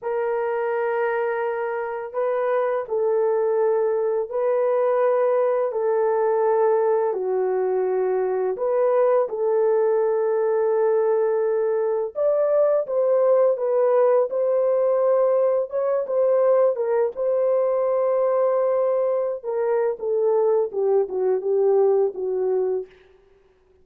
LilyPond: \new Staff \with { instrumentName = "horn" } { \time 4/4 \tempo 4 = 84 ais'2. b'4 | a'2 b'2 | a'2 fis'2 | b'4 a'2.~ |
a'4 d''4 c''4 b'4 | c''2 cis''8 c''4 ais'8 | c''2.~ c''16 ais'8. | a'4 g'8 fis'8 g'4 fis'4 | }